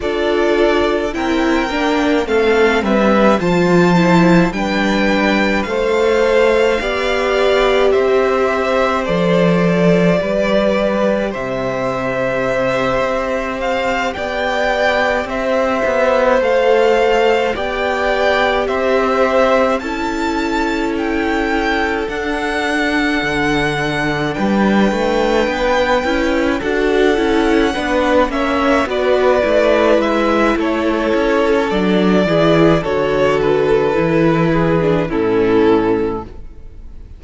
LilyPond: <<
  \new Staff \with { instrumentName = "violin" } { \time 4/4 \tempo 4 = 53 d''4 g''4 f''8 e''8 a''4 | g''4 f''2 e''4 | d''2 e''2 | f''8 g''4 e''4 f''4 g''8~ |
g''8 e''4 a''4 g''4 fis''8~ | fis''4. g''2 fis''8~ | fis''4 e''8 d''4 e''8 cis''4 | d''4 cis''8 b'4. a'4 | }
  \new Staff \with { instrumentName = "violin" } { \time 4/4 a'4 ais'4 a'8 b'8 c''4 | b'4 c''4 d''4 c''4~ | c''4 b'4 c''2~ | c''8 d''4 c''2 d''8~ |
d''8 c''4 a'2~ a'8~ | a'4. b'2 a'8~ | a'8 b'8 cis''8 b'4. a'4~ | a'8 gis'8 a'4. gis'8 e'4 | }
  \new Staff \with { instrumentName = "viola" } { \time 4/4 f'4 e'8 d'8 c'4 f'8 e'8 | d'4 a'4 g'2 | a'4 g'2.~ | g'2~ g'8 a'4 g'8~ |
g'4. e'2 d'8~ | d'2. e'8 fis'8 | e'8 d'8 cis'8 fis'8 e'2 | d'8 e'8 fis'4 e'8. d'16 cis'4 | }
  \new Staff \with { instrumentName = "cello" } { \time 4/4 d'4 c'8 ais8 a8 g8 f4 | g4 a4 b4 c'4 | f4 g4 c4. c'8~ | c'8 b4 c'8 b8 a4 b8~ |
b8 c'4 cis'2 d'8~ | d'8 d4 g8 a8 b8 cis'8 d'8 | cis'8 b8 ais8 b8 a8 gis8 a8 cis'8 | fis8 e8 d4 e4 a,4 | }
>>